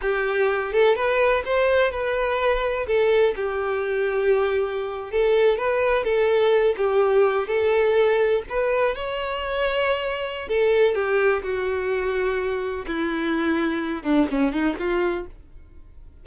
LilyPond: \new Staff \with { instrumentName = "violin" } { \time 4/4 \tempo 4 = 126 g'4. a'8 b'4 c''4 | b'2 a'4 g'4~ | g'2~ g'8. a'4 b'16~ | b'8. a'4. g'4. a'16~ |
a'4.~ a'16 b'4 cis''4~ cis''16~ | cis''2 a'4 g'4 | fis'2. e'4~ | e'4. d'8 cis'8 dis'8 f'4 | }